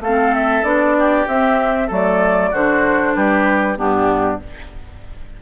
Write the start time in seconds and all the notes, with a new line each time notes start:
0.00 A3 A4 F5
0.07 C4
0.34 E5
0.64 B3 D4 D5
0.99 G4
1.27 C4 E5
1.87 F#3 A3 A4 D5
2.51 D3 D4 F#4 C5
3.15 G3 G4 B4
3.76 G2 B3 D4 G4